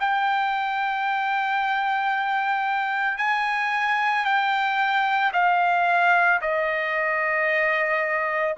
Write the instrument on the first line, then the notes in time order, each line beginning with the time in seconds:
trumpet
0.00 G5
3.18 G#5
4.25 G5
5.33 F5
6.42 D#5